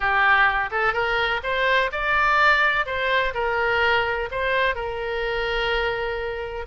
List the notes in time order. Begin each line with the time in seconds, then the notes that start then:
0.00 G4
0.71 A4
0.93 A#4
1.43 C5
1.92 D5
2.86 C5
3.34 A#4
4.31 C5
4.75 A#4